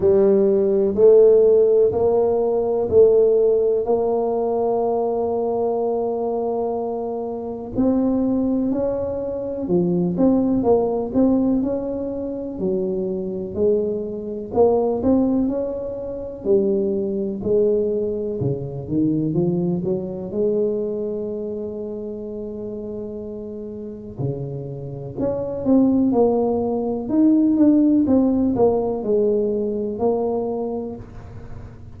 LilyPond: \new Staff \with { instrumentName = "tuba" } { \time 4/4 \tempo 4 = 62 g4 a4 ais4 a4 | ais1 | c'4 cis'4 f8 c'8 ais8 c'8 | cis'4 fis4 gis4 ais8 c'8 |
cis'4 g4 gis4 cis8 dis8 | f8 fis8 gis2.~ | gis4 cis4 cis'8 c'8 ais4 | dis'8 d'8 c'8 ais8 gis4 ais4 | }